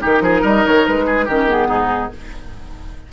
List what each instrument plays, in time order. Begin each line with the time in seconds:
0.00 bassoon D#3, clarinet D#4, oboe G4, flute A#4
0.21 bassoon F3, oboe G#4
0.42 bassoon G3, oboe A#4, flute D#5
0.66 bassoon D#3, flute C#5
0.87 bassoon G#3, flute B4
1.07 oboe G#4
1.26 bassoon D#3, clarinet C#4, oboe G4, flute A#4
1.48 clarinet B3, flute G#4
1.69 bassoon G#2, oboe D#4